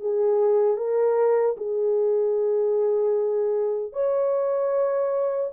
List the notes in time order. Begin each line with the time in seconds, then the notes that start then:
0.00 G#4
0.77 A#4
1.57 G#4
3.92 C#5